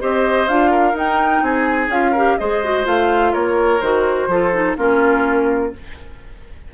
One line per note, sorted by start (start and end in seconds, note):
0.00 0.49 C4
0.00 0.48 G4
0.00 0.71 C5
0.00 0.48 D#5
0.48 0.94 D4
0.48 0.94 F4
0.48 0.96 F5
0.71 1.43 A#4
0.94 1.41 D#4
0.94 1.89 D#4
0.94 1.44 G5
1.42 1.88 C4
1.42 2.12 G#4
1.42 1.92 G#5
1.88 2.36 C#4
1.88 2.15 F4
1.88 2.38 F5
2.12 2.40 G4
2.12 2.36 A#4
2.38 2.86 G#3
2.38 2.64 G#4
2.38 3.33 C5
2.38 2.86 D#5
2.64 2.85 F#4
2.85 3.34 A3
2.85 3.80 F4
2.85 3.34 F5
3.33 3.81 A#3
3.33 4.28 A#4
3.33 3.81 C#5
3.81 4.27 D#3
3.81 4.30 F#4
3.81 4.76 C5
4.27 4.75 F3
4.27 4.53 F4
4.27 4.77 A4
4.53 4.77 D#4
4.77 5.73 A#3
4.77 5.73 C#4
4.77 5.73 F4
4.77 5.74 A#4